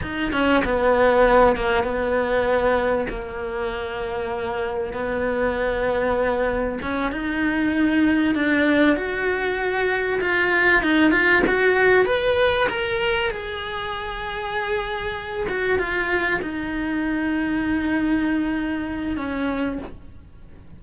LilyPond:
\new Staff \with { instrumentName = "cello" } { \time 4/4 \tempo 4 = 97 dis'8 cis'8 b4. ais8 b4~ | b4 ais2. | b2. cis'8 dis'8~ | dis'4. d'4 fis'4.~ |
fis'8 f'4 dis'8 f'8 fis'4 b'8~ | b'8 ais'4 gis'2~ gis'8~ | gis'4 fis'8 f'4 dis'4.~ | dis'2. cis'4 | }